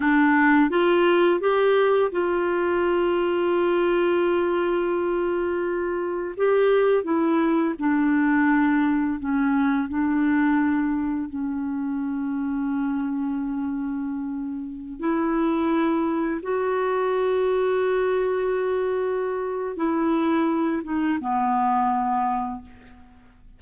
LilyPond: \new Staff \with { instrumentName = "clarinet" } { \time 4/4 \tempo 4 = 85 d'4 f'4 g'4 f'4~ | f'1~ | f'4 g'4 e'4 d'4~ | d'4 cis'4 d'2 |
cis'1~ | cis'4~ cis'16 e'2 fis'8.~ | fis'1 | e'4. dis'8 b2 | }